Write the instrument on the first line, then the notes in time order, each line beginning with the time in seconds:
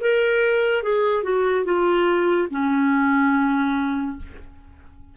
clarinet
0.00 A#4
0.83 G#4
1.23 F#4
1.64 F4
2.50 C#4